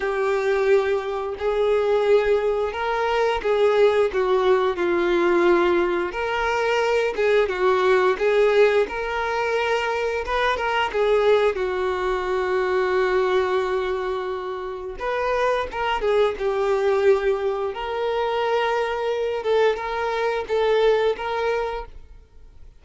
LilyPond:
\new Staff \with { instrumentName = "violin" } { \time 4/4 \tempo 4 = 88 g'2 gis'2 | ais'4 gis'4 fis'4 f'4~ | f'4 ais'4. gis'8 fis'4 | gis'4 ais'2 b'8 ais'8 |
gis'4 fis'2.~ | fis'2 b'4 ais'8 gis'8 | g'2 ais'2~ | ais'8 a'8 ais'4 a'4 ais'4 | }